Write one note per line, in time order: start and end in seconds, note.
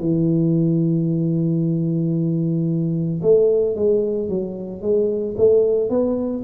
0.00 3.21 E3
3.22 3.75 A3
3.76 4.29 G#3
4.29 4.82 F#3
4.82 5.35 G#3
5.38 5.90 A3
5.90 6.43 B3